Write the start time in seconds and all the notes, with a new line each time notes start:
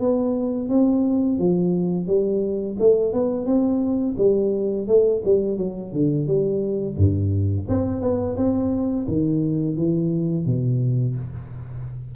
0.00 B3
0.69 C4
1.39 F3
2.07 G3
2.79 A3
3.13 B3
3.46 C4
4.18 G3
4.87 A3
5.25 G3
5.58 F#3
5.92 D3
6.27 G3
6.97 G2
7.69 C4
8.01 B3
8.37 C4
9.08 D#3
9.77 E3
10.46 B2